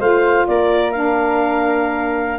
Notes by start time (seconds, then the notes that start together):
0.00 A3 F4 C5 F5
0.47 A#3 A#4 D5
0.92 D4 F5